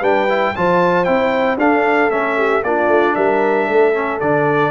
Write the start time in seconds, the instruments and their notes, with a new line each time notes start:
0.00 tuba G3, trombone D4, horn B4, trumpet G5
0.30 trombone E4
0.56 tuba F3, trombone F4, horn C5, trumpet A5
1.05 tuba C4, trombone E4, trumpet G5
1.58 tuba D4, trombone D4, horn A4, trumpet F5
2.11 tuba A3, trombone C#4, trumpet E5
2.38 horn G4
2.64 tuba A#3, trombone D4, horn F4, trumpet D5
2.88 tuba A3
3.16 tuba G3, horn A#4, trumpet E5
3.68 tuba A3, horn A4
3.94 trombone C#4
4.20 tuba D3, trombone D4, trumpet D5